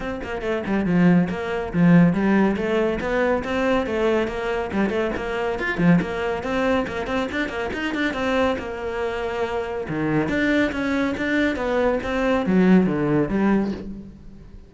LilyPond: \new Staff \with { instrumentName = "cello" } { \time 4/4 \tempo 4 = 140 c'8 ais8 a8 g8 f4 ais4 | f4 g4 a4 b4 | c'4 a4 ais4 g8 a8 | ais4 f'8 f8 ais4 c'4 |
ais8 c'8 d'8 ais8 dis'8 d'8 c'4 | ais2. dis4 | d'4 cis'4 d'4 b4 | c'4 fis4 d4 g4 | }